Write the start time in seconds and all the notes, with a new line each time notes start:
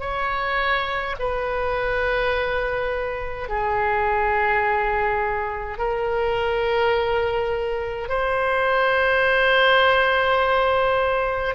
0.00 C#5
1.19 B4
3.49 G#4
5.78 A#4
8.09 C5